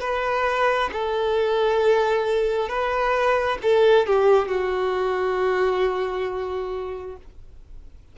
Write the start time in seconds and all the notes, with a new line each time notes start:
0.00 B4
0.92 A4
2.68 B4
3.62 A4
4.06 G4
4.47 F#4